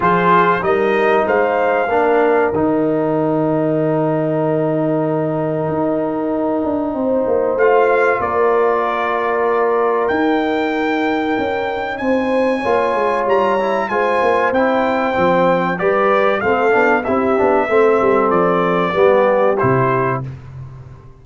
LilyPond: <<
  \new Staff \with { instrumentName = "trumpet" } { \time 4/4 \tempo 4 = 95 c''4 dis''4 f''2 | g''1~ | g''1 | f''4 d''2. |
g''2. gis''4~ | gis''4 ais''4 gis''4 g''4~ | g''4 d''4 f''4 e''4~ | e''4 d''2 c''4 | }
  \new Staff \with { instrumentName = "horn" } { \time 4/4 gis'4 ais'4 c''4 ais'4~ | ais'1~ | ais'2. c''4~ | c''4 ais'2.~ |
ais'2. c''4 | cis''2 c''2~ | c''4 b'4 a'4 g'4 | a'2 g'2 | }
  \new Staff \with { instrumentName = "trombone" } { \time 4/4 f'4 dis'2 d'4 | dis'1~ | dis'1 | f'1 |
dis'1 | f'4. e'8 f'4 e'4 | c'4 g'4 c'8 d'8 e'8 d'8 | c'2 b4 e'4 | }
  \new Staff \with { instrumentName = "tuba" } { \time 4/4 f4 g4 gis4 ais4 | dis1~ | dis4 dis'4. d'8 c'8 ais8 | a4 ais2. |
dis'2 cis'4 c'4 | ais8 gis8 g4 gis8 ais8 c'4 | f4 g4 a8 b8 c'8 b8 | a8 g8 f4 g4 c4 | }
>>